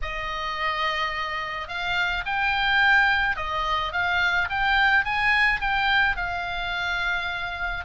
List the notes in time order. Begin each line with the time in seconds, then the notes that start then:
0.02 D#5
1.68 F5
2.25 G5
3.36 D#5
3.92 F5
4.49 G5
5.04 G#5
5.60 G5
6.16 F5